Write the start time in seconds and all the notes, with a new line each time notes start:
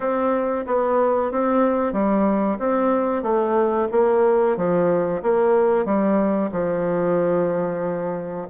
0.00 C4
0.66 B3
1.31 C4
1.92 G3
2.58 C4
3.23 A3
3.91 A#3
4.57 F3
5.22 A#3
5.85 G3
6.51 F3